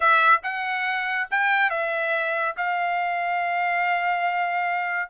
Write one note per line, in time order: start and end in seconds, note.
0.00 0.40 E5
0.43 1.28 F#5
1.30 1.70 G5
1.70 2.55 E5
2.56 5.09 F5